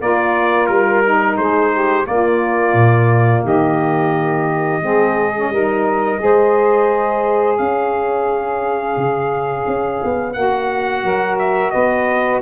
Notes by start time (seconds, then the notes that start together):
0.00 A#3 F4 A#4 D5
0.66 G3 A#4
1.04 D#4
1.37 G#3 G#4 C5
1.72 G4
2.03 A#3 D5
2.09 F4
2.74 A#2
3.43 D#3 G4 D#5
4.80 G#3 C4 G#4
5.35 C#4
5.49 G3 D#4 A#4
6.18 G#3 G#4 C5
7.57 C#4 C#5 F5
8.96 C#3
9.67 C#4
10.03 B3
10.32 A#3 F#4 F#5
11.03 F#3 A#4
11.38 E5
11.70 B3 B4 D#5